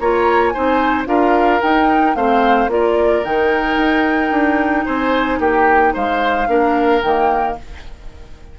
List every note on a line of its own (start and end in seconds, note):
0.00 0.54 A#3
0.00 0.54 F4
0.00 0.54 C#5
0.00 0.49 A#5
0.49 1.06 D#4
0.49 1.08 C5
0.49 1.03 G#5
0.57 1.06 C4
1.06 1.60 D4
1.06 1.60 F4
1.06 2.17 A#4
1.06 1.61 F5
1.62 2.15 D#4
1.62 2.16 D#4
1.62 2.16 G5
2.15 2.68 A3
2.15 2.69 C4
2.15 2.71 C5
2.15 2.70 F5
2.68 3.22 A#3
2.68 3.24 F4
2.68 4.85 A#4
2.68 3.24 D5
3.24 3.77 D#3
3.24 6.47 D#4
3.24 4.86 G5
3.77 4.31 D#4
4.31 4.85 D4
4.85 5.39 C4
4.85 5.39 C5
4.85 5.40 G#5
5.39 5.93 A#3
5.39 5.94 G4
5.39 5.95 G5
5.94 6.48 G#3
5.94 6.48 C5
5.94 7.02 F5
6.47 7.02 A#3
6.47 7.01 D4
6.47 7.58 A#4
7.02 7.57 D#3
7.02 7.59 A#3
7.02 7.56 G5